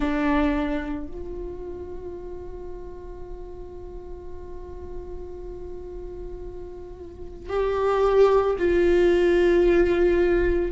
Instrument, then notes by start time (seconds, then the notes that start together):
viola
0.00 D4
1.07 F4
7.49 G4
8.58 F4